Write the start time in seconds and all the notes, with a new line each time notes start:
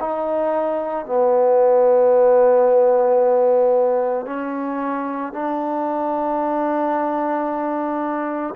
0.00 D#4
1.06 B3
4.26 C#4
5.33 D4